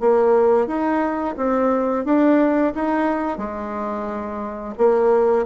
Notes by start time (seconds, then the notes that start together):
0.00 A#3
0.67 D#4
1.37 C4
2.05 D4
2.75 D#4
3.37 G#3
4.78 A#3